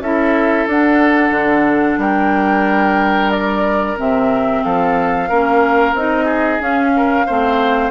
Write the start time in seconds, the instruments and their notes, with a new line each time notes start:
0.00 bassoon C#4, clarinet E4, oboe A4, flute E5
0.67 bassoon D4, clarinet D4, flute F#5
1.31 bassoon D3
1.98 bassoon G3, oboe A#4, flute G5
3.31 flute D5
3.97 bassoon C3, clarinet C4, flute E5
4.64 bassoon F3, oboe A4, flute F5
5.29 bassoon A#3, clarinet C#4, oboe A#4
5.94 bassoon C4, clarinet D#4, flute D#5
6.25 oboe G#4
6.60 bassoon C#4, clarinet C#4, flute F5
6.97 oboe A#4
7.26 bassoon A3, clarinet C4, oboe C5